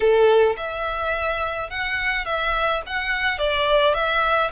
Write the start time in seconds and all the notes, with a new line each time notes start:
0.00 A4
0.56 E5
1.70 F#5
2.25 E5
2.86 F#5
3.38 D5
3.94 E5